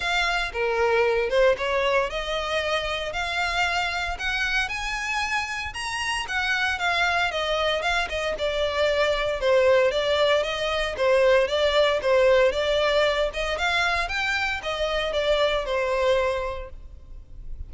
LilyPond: \new Staff \with { instrumentName = "violin" } { \time 4/4 \tempo 4 = 115 f''4 ais'4. c''8 cis''4 | dis''2 f''2 | fis''4 gis''2 ais''4 | fis''4 f''4 dis''4 f''8 dis''8 |
d''2 c''4 d''4 | dis''4 c''4 d''4 c''4 | d''4. dis''8 f''4 g''4 | dis''4 d''4 c''2 | }